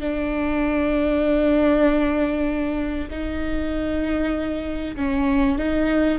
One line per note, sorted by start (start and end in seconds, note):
0.00 3.09 D4
3.10 4.96 D#4
4.96 5.58 C#4
5.58 6.19 D#4